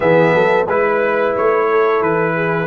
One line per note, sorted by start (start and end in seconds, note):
0.00 0.34 E3
0.00 0.67 B3
0.00 0.34 G#4
0.00 0.66 E5
0.34 0.67 F#3
0.34 0.65 A4
0.65 1.35 G#3
0.65 2.67 E4
0.65 1.66 B4
0.65 1.35 B4
1.36 2.00 A3
1.36 2.02 C#5
1.70 2.35 A4
2.00 2.67 E3
2.00 2.67 B4
2.35 2.67 G#4